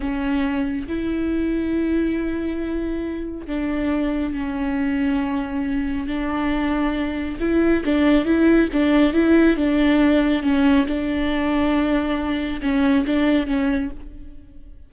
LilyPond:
\new Staff \with { instrumentName = "viola" } { \time 4/4 \tempo 4 = 138 cis'2 e'2~ | e'1 | d'2 cis'2~ | cis'2 d'2~ |
d'4 e'4 d'4 e'4 | d'4 e'4 d'2 | cis'4 d'2.~ | d'4 cis'4 d'4 cis'4 | }